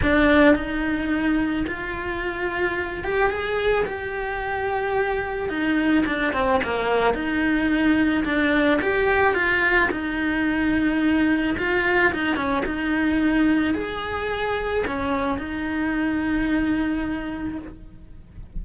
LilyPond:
\new Staff \with { instrumentName = "cello" } { \time 4/4 \tempo 4 = 109 d'4 dis'2 f'4~ | f'4. g'8 gis'4 g'4~ | g'2 dis'4 d'8 c'8 | ais4 dis'2 d'4 |
g'4 f'4 dis'2~ | dis'4 f'4 dis'8 cis'8 dis'4~ | dis'4 gis'2 cis'4 | dis'1 | }